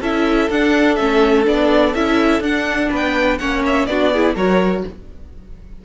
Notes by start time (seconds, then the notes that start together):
0.00 C#4 E4 A4 E5
0.49 D4 F#5
0.95 A3 C#4 E5
1.44 B3 D4 D5
1.94 C#4 E4 E5
2.39 D4 F#5
2.89 B3 B4
2.95 G5
3.38 A#3 C#4 C#5 F#5
3.66 E5
3.86 B3 D4 F#4 D5
4.12 E4 G#4
4.35 F#3 F#4 A#4 C#5